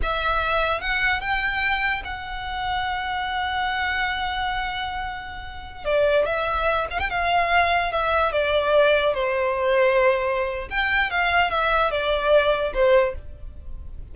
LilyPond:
\new Staff \with { instrumentName = "violin" } { \time 4/4 \tempo 4 = 146 e''2 fis''4 g''4~ | g''4 fis''2.~ | fis''1~ | fis''2~ fis''16 d''4 e''8.~ |
e''8. f''16 g''16 f''2 e''8.~ | e''16 d''2 c''4.~ c''16~ | c''2 g''4 f''4 | e''4 d''2 c''4 | }